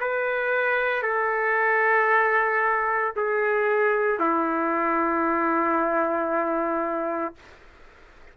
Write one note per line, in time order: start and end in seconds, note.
0.00 1.03 B4
1.03 3.13 A4
3.16 4.20 G#4
4.20 7.35 E4